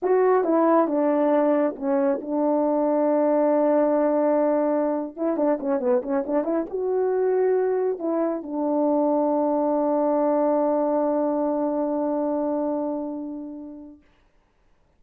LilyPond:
\new Staff \with { instrumentName = "horn" } { \time 4/4 \tempo 4 = 137 fis'4 e'4 d'2 | cis'4 d'2.~ | d'2.~ d'8. e'16~ | e'16 d'8 cis'8 b8 cis'8 d'8 e'8 fis'8.~ |
fis'2~ fis'16 e'4 d'8.~ | d'1~ | d'1~ | d'1 | }